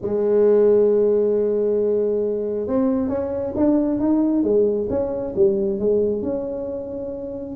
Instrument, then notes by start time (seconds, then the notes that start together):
tuba
0.01 G#3
2.67 C4
3.08 C#4
3.56 D4
3.99 D#4
4.43 G#3
4.89 C#4
5.35 G3
5.79 G#3
6.22 C#4